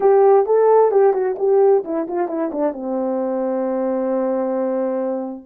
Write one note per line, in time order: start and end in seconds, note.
0.00 0.45 G4
0.46 0.91 A4
0.91 1.13 G4
1.13 1.36 F#4
1.38 1.83 G4
1.84 2.07 E4
2.07 2.28 F4
2.28 2.50 E4
2.51 2.72 D4
2.72 5.45 C4